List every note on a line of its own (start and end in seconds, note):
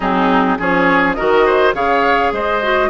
0.00 0.58 F#3
0.00 0.58 C4
0.00 0.57 D#4
0.00 0.58 G#4
0.58 1.17 F3
0.58 1.17 C#4
0.58 1.16 G#4
0.58 1.14 C#5
1.14 1.74 D#3
1.14 1.73 F#4
1.14 1.45 A#4
1.14 1.72 D#5
1.45 1.74 C5
1.73 2.32 C#3
1.73 2.60 G#4
1.73 2.33 C#5
1.73 2.33 F5
2.32 2.89 G#3
2.32 2.89 C5
2.32 2.89 D#5
2.62 2.89 F#4